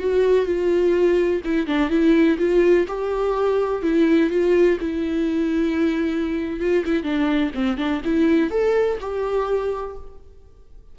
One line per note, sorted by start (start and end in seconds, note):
0.00 0.46 F#4
0.46 1.42 F4
1.45 1.67 E4
1.67 1.90 D4
1.90 2.38 E4
2.39 2.87 F4
2.88 3.83 G4
3.83 4.30 E4
4.30 4.78 F4
4.81 6.61 E4
6.61 6.85 F4
6.86 7.03 E4
7.03 7.51 D4
7.55 7.78 C4
7.78 8.02 D4
8.05 8.51 E4
8.51 8.99 A4
9.01 9.97 G4